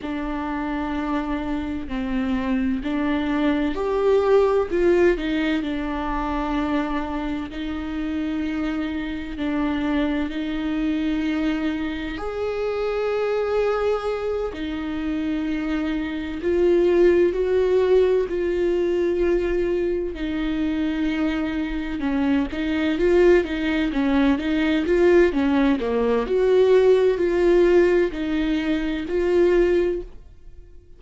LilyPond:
\new Staff \with { instrumentName = "viola" } { \time 4/4 \tempo 4 = 64 d'2 c'4 d'4 | g'4 f'8 dis'8 d'2 | dis'2 d'4 dis'4~ | dis'4 gis'2~ gis'8 dis'8~ |
dis'4. f'4 fis'4 f'8~ | f'4. dis'2 cis'8 | dis'8 f'8 dis'8 cis'8 dis'8 f'8 cis'8 ais8 | fis'4 f'4 dis'4 f'4 | }